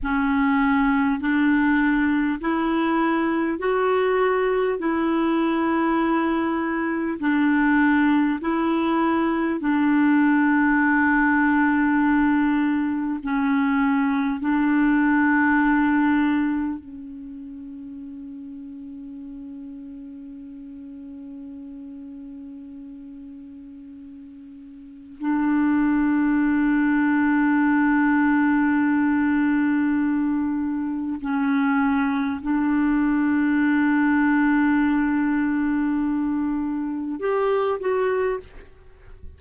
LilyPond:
\new Staff \with { instrumentName = "clarinet" } { \time 4/4 \tempo 4 = 50 cis'4 d'4 e'4 fis'4 | e'2 d'4 e'4 | d'2. cis'4 | d'2 cis'2~ |
cis'1~ | cis'4 d'2.~ | d'2 cis'4 d'4~ | d'2. g'8 fis'8 | }